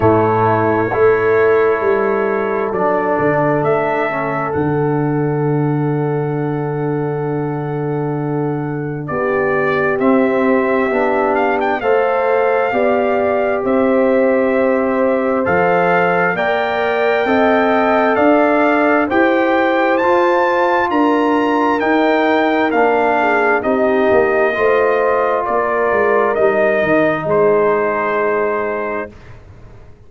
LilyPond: <<
  \new Staff \with { instrumentName = "trumpet" } { \time 4/4 \tempo 4 = 66 cis''2. d''4 | e''4 fis''2.~ | fis''2 d''4 e''4~ | e''8 f''16 g''16 f''2 e''4~ |
e''4 f''4 g''2 | f''4 g''4 a''4 ais''4 | g''4 f''4 dis''2 | d''4 dis''4 c''2 | }
  \new Staff \with { instrumentName = "horn" } { \time 4/4 e'4 a'2.~ | a'1~ | a'2 g'2~ | g'4 c''4 d''4 c''4~ |
c''2 d''4 dis''4 | d''4 c''2 ais'4~ | ais'4. gis'8 g'4 c''4 | ais'2 gis'2 | }
  \new Staff \with { instrumentName = "trombone" } { \time 4/4 a4 e'2 d'4~ | d'8 cis'8 d'2.~ | d'2. c'4 | d'4 a'4 g'2~ |
g'4 a'4 ais'4 a'4~ | a'4 g'4 f'2 | dis'4 d'4 dis'4 f'4~ | f'4 dis'2. | }
  \new Staff \with { instrumentName = "tuba" } { \time 4/4 a,4 a4 g4 fis8 d8 | a4 d2.~ | d2 b4 c'4 | b4 a4 b4 c'4~ |
c'4 f4 ais4 c'4 | d'4 e'4 f'4 d'4 | dis'4 ais4 c'8 ais8 a4 | ais8 gis8 g8 dis8 gis2 | }
>>